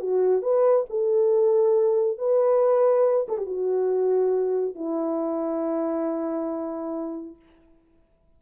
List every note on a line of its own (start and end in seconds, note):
0.00 0.42 F#4
0.42 0.86 B4
0.90 2.18 A4
2.18 3.27 B4
3.29 3.38 A4
3.38 3.46 G4
3.46 4.75 F#4
4.75 7.36 E4